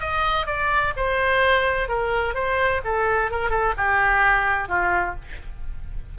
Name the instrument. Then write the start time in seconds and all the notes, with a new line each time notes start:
oboe
0.00 D#5
0.46 D5
0.96 C5
1.88 A#4
2.34 C5
2.84 A4
3.30 A#4
3.50 A4
3.77 G4
4.68 F4